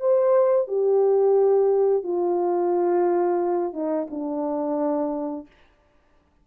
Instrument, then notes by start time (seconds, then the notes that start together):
horn
0.00 C5
0.68 G4
2.03 F4
3.73 D#4
4.10 D4